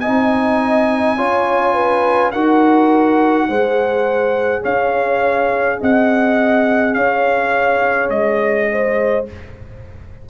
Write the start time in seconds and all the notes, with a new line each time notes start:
0.00 D#4 D#5 G#5
0.07 C4
1.17 C#4 F4 C#5
1.74 B4
2.31 D#4 F#4 A#4 F#5
3.49 G#3 G#4 C5
4.63 C#4 C#5 F5
5.81 C4 D#5 F#5
6.94 C#4 C#5 F5
8.09 G#3 D#5
8.72 C5